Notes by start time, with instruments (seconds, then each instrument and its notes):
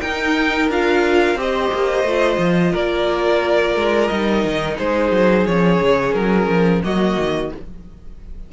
0.00 viola D#4, cello D#4, violin A#4 G5
0.68 cello D4, viola F4, violin F5
1.35 cello C4, viola G4, violin C5 D#5
1.73 cello A#3
2.03 cello A3, viola F4
2.38 cello F3
2.72 cello A#3, violin A#4 D5
3.76 cello G#3
4.08 cello G3, viola D#4, violin D#5
4.45 cello D#3
4.77 cello G#3, violin G#4 C5
5.12 cello F#3
5.46 cello F3, viola C#4, violin C#5
5.81 cello C#3
6.13 cello F#3, violin A#4
6.48 cello F3
6.83 cello F#3, viola A#3, violin F#4 D#5
7.17 cello D#3